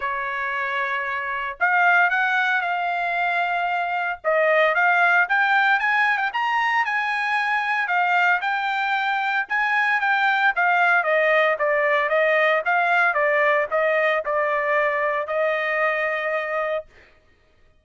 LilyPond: \new Staff \with { instrumentName = "trumpet" } { \time 4/4 \tempo 4 = 114 cis''2. f''4 | fis''4 f''2. | dis''4 f''4 g''4 gis''8. g''16 | ais''4 gis''2 f''4 |
g''2 gis''4 g''4 | f''4 dis''4 d''4 dis''4 | f''4 d''4 dis''4 d''4~ | d''4 dis''2. | }